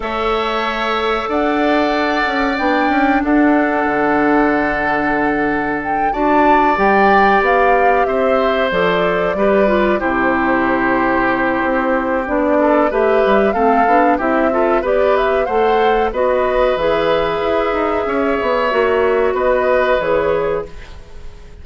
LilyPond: <<
  \new Staff \with { instrumentName = "flute" } { \time 4/4 \tempo 4 = 93 e''2 fis''2 | g''4 fis''2.~ | fis''4 g''8 a''4 g''4 f''8~ | f''8 e''4 d''2 c''8~ |
c''2. d''4 | e''4 f''4 e''4 d''8 e''8 | fis''4 dis''4 e''2~ | e''2 dis''4 cis''4 | }
  \new Staff \with { instrumentName = "oboe" } { \time 4/4 cis''2 d''2~ | d''4 a'2.~ | a'4. d''2~ d''8~ | d''8 c''2 b'4 g'8~ |
g'2.~ g'8 a'8 | b'4 a'4 g'8 a'8 b'4 | c''4 b'2. | cis''2 b'2 | }
  \new Staff \with { instrumentName = "clarinet" } { \time 4/4 a'1 | d'1~ | d'4. fis'4 g'4.~ | g'4. a'4 g'8 f'8 e'8~ |
e'2. d'4 | g'4 c'8 d'8 e'8 f'8 g'4 | a'4 fis'4 gis'2~ | gis'4 fis'2 gis'4 | }
  \new Staff \with { instrumentName = "bassoon" } { \time 4/4 a2 d'4. cis'8 | b8 cis'8 d'4 d2~ | d4. d'4 g4 b8~ | b8 c'4 f4 g4 c8~ |
c2 c'4 b4 | a8 g8 a8 b8 c'4 b4 | a4 b4 e4 e'8 dis'8 | cis'8 b8 ais4 b4 e4 | }
>>